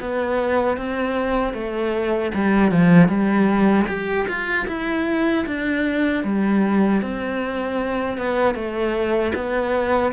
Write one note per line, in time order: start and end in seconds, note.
0.00 0.78 B3
0.78 1.53 C4
1.53 2.32 A3
2.34 2.71 G3
2.71 3.09 F3
3.09 3.86 G3
3.88 4.27 G4
4.28 4.67 F4
4.68 5.45 E4
5.47 6.24 D4
6.24 7.02 G3
7.02 8.17 C4
8.17 8.55 B3
8.55 9.33 A3
9.35 10.13 B3